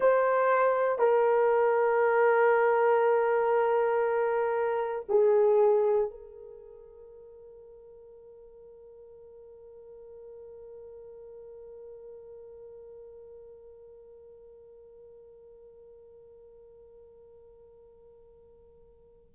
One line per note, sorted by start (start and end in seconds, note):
0.00 0.98 C5
0.98 5.05 A#4
5.08 6.10 G#4
6.10 19.32 A#4